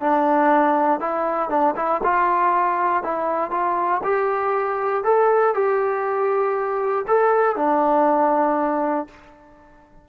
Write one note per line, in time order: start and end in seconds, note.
0.00 1.00 D4
1.00 1.49 E4
1.49 1.75 D4
1.76 2.01 E4
2.03 3.03 F4
3.03 3.51 E4
3.51 4.01 F4
4.03 5.04 G4
5.04 5.54 A4
5.54 7.05 G4
7.07 7.56 A4
7.56 9.07 D4